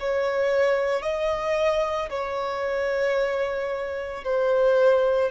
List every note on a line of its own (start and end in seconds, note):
0.00 1.02 C#5
1.02 2.09 D#5
2.10 4.24 C#5
4.25 5.31 C5